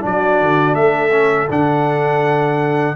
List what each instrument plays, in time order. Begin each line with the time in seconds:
0.00 tuba F#3, trombone D4, horn F#4, trumpet D5
0.41 tuba D3
0.75 tuba A3, horn A4, trumpet E5
1.12 trombone C#4
1.50 tuba D3, trombone D4, trumpet F#5